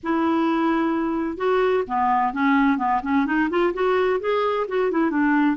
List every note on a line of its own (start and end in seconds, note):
0.03 1.37 E4
1.37 1.83 F#4
1.87 2.33 B3
2.33 2.78 C#4
2.78 3.01 B3
3.02 3.26 C#4
3.26 3.49 D#4
3.49 3.73 F4
3.73 4.20 F#4
4.20 4.66 G#4
4.67 4.91 F#4
4.91 5.10 E4
5.10 5.56 D4